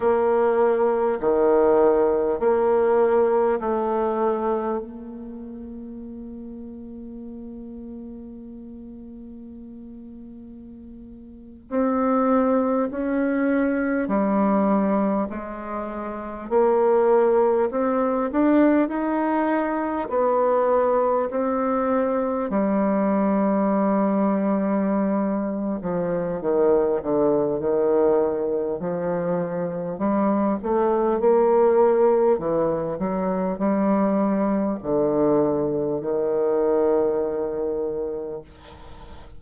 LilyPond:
\new Staff \with { instrumentName = "bassoon" } { \time 4/4 \tempo 4 = 50 ais4 dis4 ais4 a4 | ais1~ | ais4.~ ais16 c'4 cis'4 g16~ | g8. gis4 ais4 c'8 d'8 dis'16~ |
dis'8. b4 c'4 g4~ g16~ | g4. f8 dis8 d8 dis4 | f4 g8 a8 ais4 e8 fis8 | g4 d4 dis2 | }